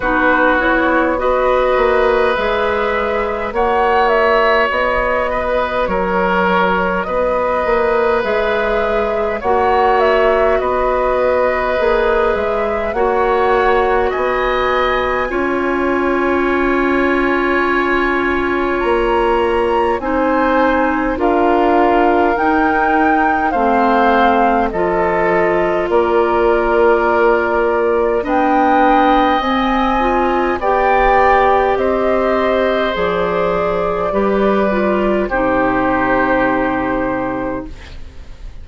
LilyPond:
<<
  \new Staff \with { instrumentName = "flute" } { \time 4/4 \tempo 4 = 51 b'8 cis''8 dis''4 e''4 fis''8 e''8 | dis''4 cis''4 dis''4 e''4 | fis''8 e''8 dis''4. e''8 fis''4 | gis''1 |
ais''4 gis''4 f''4 g''4 | f''4 dis''4 d''2 | g''4 gis''4 g''4 dis''4 | d''2 c''2 | }
  \new Staff \with { instrumentName = "oboe" } { \time 4/4 fis'4 b'2 cis''4~ | cis''8 b'8 ais'4 b'2 | cis''4 b'2 cis''4 | dis''4 cis''2.~ |
cis''4 c''4 ais'2 | c''4 a'4 ais'2 | dis''2 d''4 c''4~ | c''4 b'4 g'2 | }
  \new Staff \with { instrumentName = "clarinet" } { \time 4/4 dis'8 e'8 fis'4 gis'4 fis'4~ | fis'2. gis'4 | fis'2 gis'4 fis'4~ | fis'4 f'2.~ |
f'4 dis'4 f'4 dis'4 | c'4 f'2. | d'4 c'8 f'8 g'2 | gis'4 g'8 f'8 dis'2 | }
  \new Staff \with { instrumentName = "bassoon" } { \time 4/4 b4. ais8 gis4 ais4 | b4 fis4 b8 ais8 gis4 | ais4 b4 ais8 gis8 ais4 | b4 cis'2. |
ais4 c'4 d'4 dis'4 | a4 f4 ais2 | b4 c'4 b4 c'4 | f4 g4 c2 | }
>>